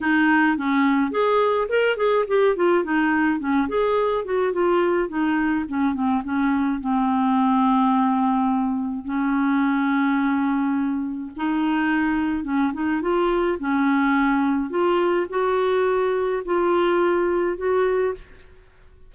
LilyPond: \new Staff \with { instrumentName = "clarinet" } { \time 4/4 \tempo 4 = 106 dis'4 cis'4 gis'4 ais'8 gis'8 | g'8 f'8 dis'4 cis'8 gis'4 fis'8 | f'4 dis'4 cis'8 c'8 cis'4 | c'1 |
cis'1 | dis'2 cis'8 dis'8 f'4 | cis'2 f'4 fis'4~ | fis'4 f'2 fis'4 | }